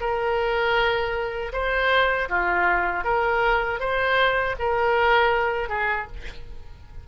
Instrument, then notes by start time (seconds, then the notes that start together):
oboe
0.00 A#4
1.53 C5
2.29 F4
3.04 A#4
3.79 C5
4.59 A#4
5.69 G#4